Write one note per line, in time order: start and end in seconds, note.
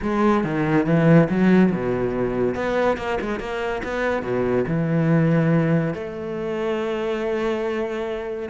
0.01 0.44 G#3
0.44 0.85 D#3
0.85 1.28 E3
1.29 1.71 F#3
1.71 2.54 B2
2.54 2.97 B3
2.97 3.18 A#3
3.21 3.39 G#3
3.39 3.82 A#3
3.83 4.22 B3
4.22 4.65 B2
4.67 5.94 E3
5.94 8.49 A3